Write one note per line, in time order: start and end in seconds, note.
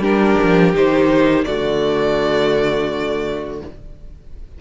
0.00 0.36 G3
0.00 0.73 D4
0.00 1.45 G4
0.00 0.74 A#4
0.42 0.74 F3
0.74 1.45 D#3
0.74 1.45 D#4
0.74 1.44 C5
1.44 3.61 D3
1.44 3.60 A3
1.44 3.60 F#4
1.44 3.58 D5